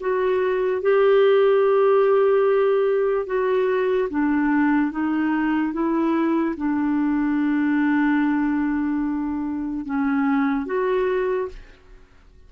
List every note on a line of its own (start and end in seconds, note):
0.00 0.81 F#4
0.81 3.26 G4
3.26 4.08 F#4
4.09 4.91 D4
4.91 5.73 D#4
5.73 6.55 E4
6.56 9.85 D4
9.85 10.66 C#4
10.66 11.48 F#4